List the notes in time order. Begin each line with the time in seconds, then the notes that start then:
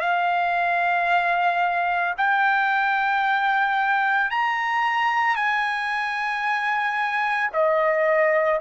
0.00 F5
2.17 G5
4.30 A#5
5.35 G#5
7.52 D#5